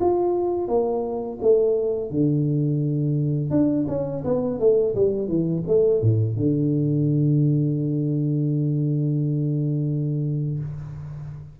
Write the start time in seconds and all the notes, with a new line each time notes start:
0.00 F4
0.68 A#3
1.41 A3
2.10 D3
3.50 D4
3.88 C#4
4.24 B3
4.59 A3
4.95 G3
5.27 E3
5.67 A3
6.01 A2
6.36 D3